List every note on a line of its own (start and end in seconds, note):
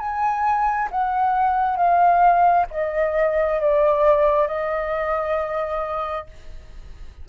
0.00 0.90 G#5
0.91 1.77 F#5
1.77 2.66 F5
2.71 3.60 D#5
3.60 4.48 D5
4.48 6.27 D#5